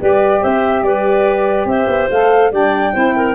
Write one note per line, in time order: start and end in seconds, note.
0.00 0.44 G3
0.00 2.10 G4
0.00 0.41 B4
0.00 0.44 D5
0.41 0.83 C4
0.41 0.83 C5
0.41 0.83 E5
0.83 1.66 G3
0.83 1.69 B4
0.83 1.67 D5
1.66 1.87 C4
1.66 2.52 C5
1.66 2.10 E5
1.87 2.08 B3
2.11 2.52 A3
2.11 2.52 A4
2.11 2.53 F5
2.52 2.94 G3
2.52 2.94 D4
2.52 2.94 D5
2.52 3.35 G5
2.94 3.35 C4
2.94 3.35 E4
2.94 3.15 C5
3.16 3.35 A#4